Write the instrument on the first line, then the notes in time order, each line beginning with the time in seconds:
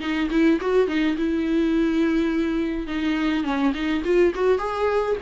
viola
0.00 D#4
0.31 E4
0.61 F#4
0.88 D#4
1.17 E4
2.87 D#4
3.44 C#4
3.74 D#4
4.05 F4
4.35 F#4
4.58 G#4